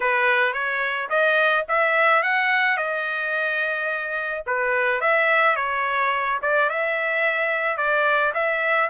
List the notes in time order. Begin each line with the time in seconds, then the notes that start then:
0.00 B4
0.53 C#5
1.09 D#5
1.68 E5
2.22 F#5
2.77 D#5
4.46 B4
5.00 E5
5.56 C#5
6.42 D5
6.69 E5
7.77 D5
8.34 E5